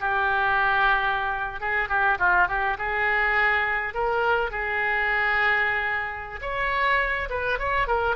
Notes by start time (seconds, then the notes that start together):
0.00 G4
1.60 G#4
1.89 G4
2.19 F4
2.48 G4
2.78 G#4
3.94 A#4
4.50 G#4
6.41 C#5
7.30 B4
7.59 C#5
7.87 A#4